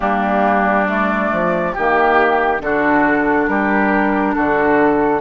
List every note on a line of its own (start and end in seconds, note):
0.00 1.31 G3
0.00 0.87 A#3
0.00 1.72 D4
0.00 0.87 G4
0.87 1.74 A3
0.87 1.73 D5
1.32 1.75 F3
1.73 2.60 D#3
1.73 2.59 A#3
1.73 2.60 G4
1.73 2.61 G4
2.59 3.47 D3
2.59 5.20 D4
2.59 3.49 F#4
2.59 3.47 A4
3.47 4.34 G3
3.47 4.35 G4
3.47 4.34 A#4
4.34 5.20 D3
4.34 5.20 F#4
4.34 5.20 A4